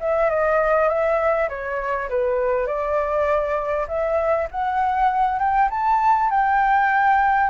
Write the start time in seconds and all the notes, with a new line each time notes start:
0.00 E5
0.29 D#5
0.88 E5
1.49 C#5
2.09 B4
2.66 D5
3.88 E5
4.51 F#5
5.39 G5
5.70 A5
6.30 G5